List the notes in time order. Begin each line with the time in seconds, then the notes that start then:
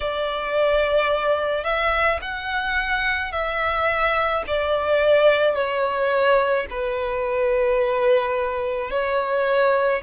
0.00 D5
1.64 E5
2.21 F#5
3.32 E5
4.47 D5
5.55 C#5
6.69 B4
8.90 C#5